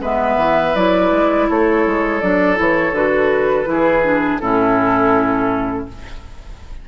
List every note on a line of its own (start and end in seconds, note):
0.00 0.37 G#3
0.00 0.75 B3
0.00 1.47 B4
0.00 0.75 E5
0.37 0.74 E3
0.75 1.12 F#3
0.75 2.21 E4
0.75 1.48 D5
1.12 1.48 G#3
1.49 1.86 A3
1.49 3.69 A4
1.49 2.21 C#5
1.86 2.22 G#3
2.21 2.59 F#3
2.21 2.55 D4
2.21 2.57 D5
2.55 2.92 E3
2.55 2.92 E4
2.55 2.95 C#5
2.92 3.65 D3
2.92 3.66 F#4
2.92 4.39 B4
3.66 4.40 E3
3.66 4.02 E4
3.66 4.41 G#4
4.03 4.40 D4
4.39 5.87 A2
4.39 5.88 C#4
4.39 5.88 E4
4.39 5.86 A4